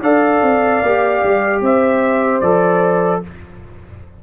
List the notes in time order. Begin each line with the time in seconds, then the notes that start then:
0.00 D4 A4 D5 F5
0.42 C4
0.82 A#3 G4
1.23 G3
1.61 C4 C5 E5
2.40 F3 A4 D5